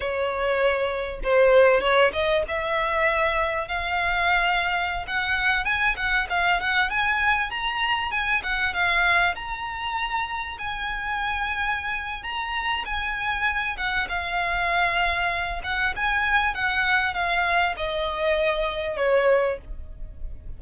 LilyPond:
\new Staff \with { instrumentName = "violin" } { \time 4/4 \tempo 4 = 98 cis''2 c''4 cis''8 dis''8 | e''2 f''2~ | f''16 fis''4 gis''8 fis''8 f''8 fis''8 gis''8.~ | gis''16 ais''4 gis''8 fis''8 f''4 ais''8.~ |
ais''4~ ais''16 gis''2~ gis''8. | ais''4 gis''4. fis''8 f''4~ | f''4. fis''8 gis''4 fis''4 | f''4 dis''2 cis''4 | }